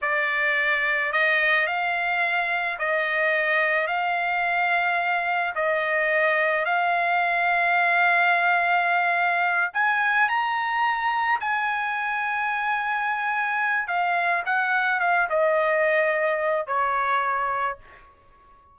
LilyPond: \new Staff \with { instrumentName = "trumpet" } { \time 4/4 \tempo 4 = 108 d''2 dis''4 f''4~ | f''4 dis''2 f''4~ | f''2 dis''2 | f''1~ |
f''4. gis''4 ais''4.~ | ais''8 gis''2.~ gis''8~ | gis''4 f''4 fis''4 f''8 dis''8~ | dis''2 cis''2 | }